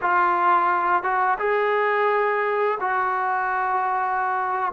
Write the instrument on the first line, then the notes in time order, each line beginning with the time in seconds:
trombone
0.01 F4
1.03 F#4
1.39 G#4
2.80 F#4